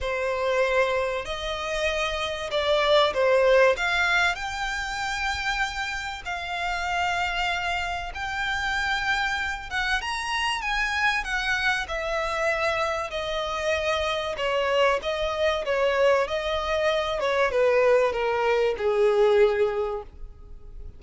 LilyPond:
\new Staff \with { instrumentName = "violin" } { \time 4/4 \tempo 4 = 96 c''2 dis''2 | d''4 c''4 f''4 g''4~ | g''2 f''2~ | f''4 g''2~ g''8 fis''8 |
ais''4 gis''4 fis''4 e''4~ | e''4 dis''2 cis''4 | dis''4 cis''4 dis''4. cis''8 | b'4 ais'4 gis'2 | }